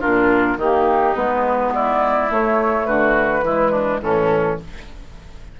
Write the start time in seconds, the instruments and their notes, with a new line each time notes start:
0.00 bassoon A#2, clarinet D4, oboe F4, flute A#4
0.57 bassoon D#3, clarinet A#3, oboe D#4, flute G4
1.15 bassoon G#3, clarinet B3, flute B4
1.74 oboe E4, flute D5
2.30 bassoon A3, clarinet A3, flute C#5
2.86 bassoon D3, oboe F#4, flute B4
3.42 bassoon E3, clarinet G#3, oboe E4
3.71 oboe D4
4.02 bassoon A2, clarinet E3, oboe C#4, flute A4